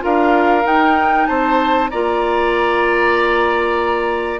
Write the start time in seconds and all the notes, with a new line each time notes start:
0.00 D4 F4 A#4 F5
0.65 D#4 G5
1.26 C4 C5 A5
1.90 A#3 F4 D5 A#5